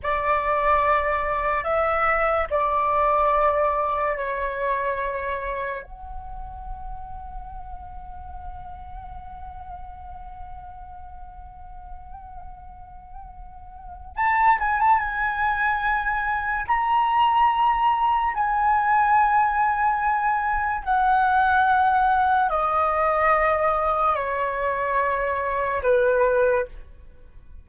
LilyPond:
\new Staff \with { instrumentName = "flute" } { \time 4/4 \tempo 4 = 72 d''2 e''4 d''4~ | d''4 cis''2 fis''4~ | fis''1~ | fis''1~ |
fis''4 a''8 gis''16 a''16 gis''2 | ais''2 gis''2~ | gis''4 fis''2 dis''4~ | dis''4 cis''2 b'4 | }